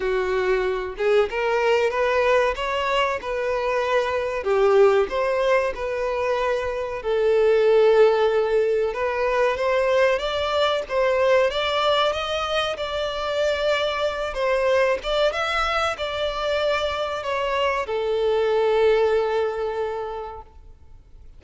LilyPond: \new Staff \with { instrumentName = "violin" } { \time 4/4 \tempo 4 = 94 fis'4. gis'8 ais'4 b'4 | cis''4 b'2 g'4 | c''4 b'2 a'4~ | a'2 b'4 c''4 |
d''4 c''4 d''4 dis''4 | d''2~ d''8 c''4 d''8 | e''4 d''2 cis''4 | a'1 | }